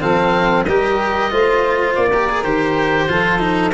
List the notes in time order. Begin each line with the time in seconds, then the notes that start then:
0.00 F3 C4 A4 F5
0.64 G3 G4 A#4 D#5
1.30 A3 F4 C5
1.95 A#3 D5
2.08 G4 A#4
2.29 G#4
2.43 D#3 G4 C5
3.08 F3 F4 A4
3.39 D#4